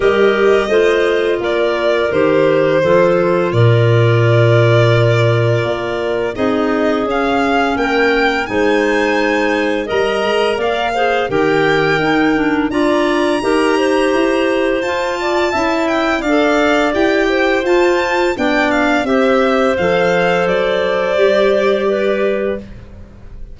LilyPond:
<<
  \new Staff \with { instrumentName = "violin" } { \time 4/4 \tempo 4 = 85 dis''2 d''4 c''4~ | c''4 d''2.~ | d''4 dis''4 f''4 g''4 | gis''2 ais''4 f''4 |
g''2 ais''2~ | ais''4 a''4. g''8 f''4 | g''4 a''4 g''8 f''8 e''4 | f''4 d''2. | }
  \new Staff \with { instrumentName = "clarinet" } { \time 4/4 ais'4 c''4 ais'2 | a'4 ais'2.~ | ais'4 gis'2 ais'4 | c''2 dis''4 d''8 c''8 |
ais'2 d''4 ais'8 c''8~ | c''4. d''8 e''4 d''4~ | d''8 c''4. d''4 c''4~ | c''2. b'4 | }
  \new Staff \with { instrumentName = "clarinet" } { \time 4/4 g'4 f'2 g'4 | f'1~ | f'4 dis'4 cis'2 | dis'2 ais'4. gis'8 |
g'4 dis'8 d'8 f'4 g'4~ | g'4 f'4 e'4 a'4 | g'4 f'4 d'4 g'4 | a'2 g'2 | }
  \new Staff \with { instrumentName = "tuba" } { \time 4/4 g4 a4 ais4 dis4 | f4 ais,2. | ais4 c'4 cis'4 ais4 | gis2 g8 gis8 ais4 |
dis4 dis'4 d'4 dis'4 | e'4 f'4 cis'4 d'4 | e'4 f'4 b4 c'4 | f4 fis4 g2 | }
>>